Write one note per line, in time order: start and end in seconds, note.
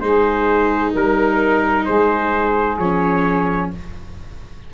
0.00 0.92 G#3
0.00 2.79 D#4
0.00 0.92 G#4
0.00 0.92 C5
0.92 1.87 G3
0.92 1.85 A#4
1.85 2.78 G#3
1.85 3.71 G#4
1.85 2.78 C5
2.78 3.71 F3
2.78 3.73 C#4
2.78 3.71 C#5